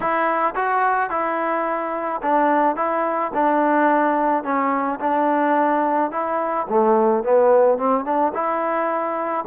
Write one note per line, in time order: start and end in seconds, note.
0.00 0.54 E4
0.55 1.10 F#4
1.10 2.21 E4
2.22 2.76 D4
2.76 3.31 E4
3.34 4.43 D4
4.43 4.98 C#4
5.00 6.11 D4
6.11 6.66 E4
6.69 7.23 A3
7.23 7.78 B3
7.78 8.04 C4
8.04 8.32 D4
8.33 9.44 E4